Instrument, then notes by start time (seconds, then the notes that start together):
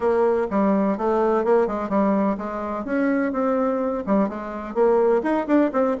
bassoon
0.00 A#3
0.50 G3
0.97 A3
1.44 A#3
1.67 G#3
1.89 G3
2.37 G#3
2.84 C#4
3.32 C4
4.06 G3
4.29 G#3
4.74 A#3
5.23 D#4
5.47 D4
5.72 C4